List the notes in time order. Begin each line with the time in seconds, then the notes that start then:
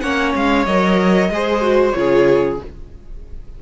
0.00 A#3 C#4 C#5 F#5
0.35 G#3 F5
0.65 F#3 A#4 D#5
1.29 G#3 G#4 C5
1.61 F#4
1.92 C#3 F4 C#5
1.98 G#4